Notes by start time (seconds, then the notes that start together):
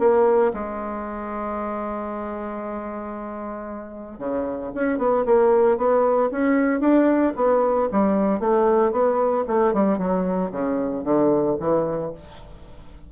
0.00 A#3
0.54 G#3
4.19 C#3
4.75 C#4
4.99 B3
5.26 A#3
5.78 B3
6.32 C#4
6.81 D4
7.36 B3
7.92 G3
8.40 A3
8.92 B3
9.48 A3
9.74 G3
9.99 F#3
10.52 C#3
11.04 D3
11.60 E3